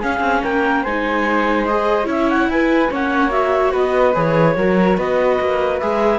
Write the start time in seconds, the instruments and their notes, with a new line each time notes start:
0.00 viola C#4, cello C#4, flute G#4, clarinet F5
0.20 cello C4
0.43 cello A#3, flute A#4, clarinet G5
0.83 cello G#3, viola D#4, flute C5, clarinet G#5
1.66 viola G#4, clarinet D#5
2.05 cello C#4, viola E4, flute C#5, clarinet E5
2.30 clarinet F#5
2.47 cello E4, flute B4, clarinet G#5
2.90 cello A#3, viola C#4, flute C#5, clarinet F#5
3.30 viola F#4, clarinet E5
3.72 cello B3, flute B4, clarinet D#5
4.14 cello E3, viola G#4, clarinet C#5
4.56 cello F#3, viola F#4, flute A#4
4.97 cello B3, flute B4, clarinet D#5
5.40 cello A#3
5.79 cello G#3, viola G#4, clarinet E5